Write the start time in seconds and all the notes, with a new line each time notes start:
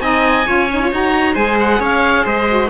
0.00 C4 D#4 D#5 G#5
0.46 C#4 F4 C#5
0.72 D#4
0.81 F4
0.92 D#4 F#4 A#5
1.34 G#3 G#4 C5 G#5
1.60 F#5
1.80 C#4 C#5 F5
2.24 G#3 C5 D#5
2.48 F#4